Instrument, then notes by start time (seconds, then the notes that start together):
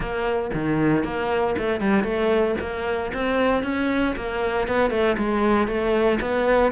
cello
0.00 A#3
0.53 D#3
1.03 A#3
1.58 A3
1.80 G3
2.03 A3
2.60 A#3
3.13 C4
3.63 C#4
4.16 A#3
4.67 B3
4.90 A3
5.17 G#3
5.67 A3
6.21 B3